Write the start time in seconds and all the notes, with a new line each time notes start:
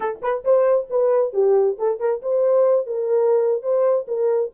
0.00 A4
0.22 B4
0.44 C5
0.89 B4
1.33 G4
1.78 A4
1.99 A#4
2.21 C5
2.86 A#4
3.62 C5
4.07 A#4